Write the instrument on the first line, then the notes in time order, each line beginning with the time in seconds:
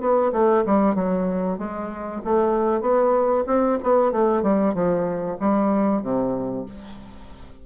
bassoon
0.00 B3
0.32 A3
0.66 G3
0.95 F#3
1.58 G#3
2.24 A3
2.81 B3
3.47 C4
3.83 B3
4.12 A3
4.42 G3
4.74 F3
5.40 G3
6.02 C3